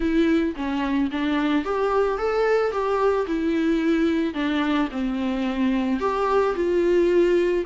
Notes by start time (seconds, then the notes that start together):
0.00 E4
0.56 C#4
1.11 D4
1.64 G4
2.17 A4
2.71 G4
3.27 E4
4.34 D4
4.91 C4
6.00 G4
6.55 F4